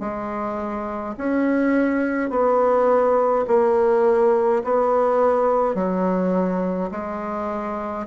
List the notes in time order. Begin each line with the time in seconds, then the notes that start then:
0.00 G#3
1.17 C#4
2.30 B3
3.48 A#3
4.64 B3
5.75 F#3
6.91 G#3